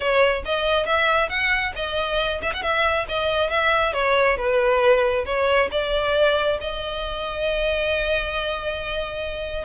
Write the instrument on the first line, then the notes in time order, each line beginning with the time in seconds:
violin
0.00 C#5
0.45 D#5
0.86 E5
1.29 F#5
1.75 D#5
2.41 E5
2.53 F#5
2.62 E5
3.08 D#5
3.50 E5
3.93 C#5
4.37 B4
5.25 C#5
5.71 D5
6.60 D#5